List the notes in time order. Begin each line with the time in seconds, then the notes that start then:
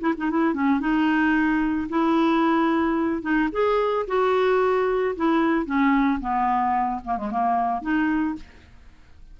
0.00 E4
0.17 D#4
0.30 E4
0.54 C#4
0.80 D#4
1.89 E4
3.22 D#4
3.52 G#4
4.07 F#4
5.16 E4
5.65 C#4
6.20 B3
7.04 A#3
7.17 G#3
7.30 A#3
7.81 D#4